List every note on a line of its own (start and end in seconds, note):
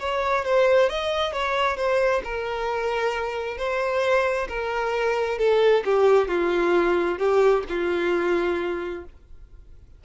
0.00 0.45 C#5
0.45 0.90 C5
0.90 1.33 D#5
1.33 1.77 C#5
1.77 2.22 C5
2.25 3.58 A#4
3.58 4.48 C5
4.49 5.39 A#4
5.39 5.84 A4
5.85 6.28 G4
6.28 7.19 F4
7.19 7.64 G4
7.69 9.05 F4